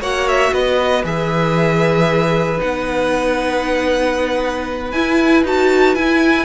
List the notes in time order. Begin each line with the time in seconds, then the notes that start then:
0.00 A#3 F#4 C#5 F#5
0.28 E5
0.53 B3 B4 D#5
1.04 E3 G#4 E5
2.58 B3 D#4 F#5
4.91 E4 G#5
5.43 D#4 F#4 A5
5.95 E4 G#5